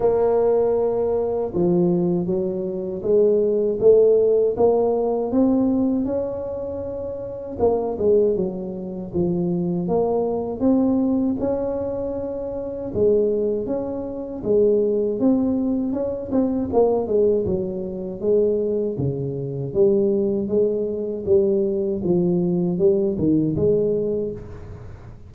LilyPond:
\new Staff \with { instrumentName = "tuba" } { \time 4/4 \tempo 4 = 79 ais2 f4 fis4 | gis4 a4 ais4 c'4 | cis'2 ais8 gis8 fis4 | f4 ais4 c'4 cis'4~ |
cis'4 gis4 cis'4 gis4 | c'4 cis'8 c'8 ais8 gis8 fis4 | gis4 cis4 g4 gis4 | g4 f4 g8 dis8 gis4 | }